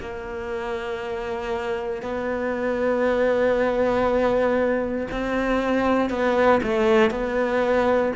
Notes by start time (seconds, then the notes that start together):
0.00 A#3
2.02 B3
5.11 C4
6.10 B3
6.63 A3
7.10 B3